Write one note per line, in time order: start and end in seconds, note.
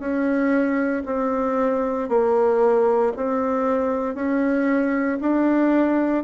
0.00 1.03 C#4
1.06 2.09 C4
2.09 3.13 A#3
3.16 4.15 C4
4.15 5.19 C#4
5.21 6.24 D4